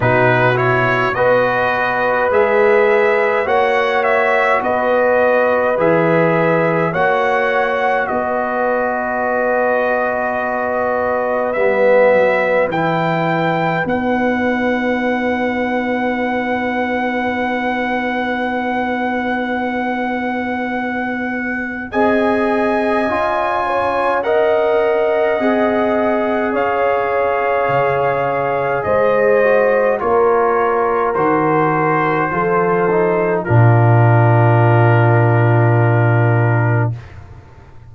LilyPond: <<
  \new Staff \with { instrumentName = "trumpet" } { \time 4/4 \tempo 4 = 52 b'8 cis''8 dis''4 e''4 fis''8 e''8 | dis''4 e''4 fis''4 dis''4~ | dis''2 e''4 g''4 | fis''1~ |
fis''2. gis''4~ | gis''4 fis''2 f''4~ | f''4 dis''4 cis''4 c''4~ | c''4 ais'2. | }
  \new Staff \with { instrumentName = "horn" } { \time 4/4 fis'4 b'2 cis''4 | b'2 cis''4 b'4~ | b'1~ | b'1~ |
b'2. dis''4~ | dis''8 cis''8 dis''2 cis''4~ | cis''4 c''4 ais'2 | a'4 f'2. | }
  \new Staff \with { instrumentName = "trombone" } { \time 4/4 dis'8 e'8 fis'4 gis'4 fis'4~ | fis'4 gis'4 fis'2~ | fis'2 b4 e'4 | dis'1~ |
dis'2. gis'4 | f'4 ais'4 gis'2~ | gis'4. fis'8 f'4 fis'4 | f'8 dis'8 d'2. | }
  \new Staff \with { instrumentName = "tuba" } { \time 4/4 b,4 b4 gis4 ais4 | b4 e4 ais4 b4~ | b2 g8 fis8 e4 | b1~ |
b2. c'4 | cis'2 c'4 cis'4 | cis4 gis4 ais4 dis4 | f4 ais,2. | }
>>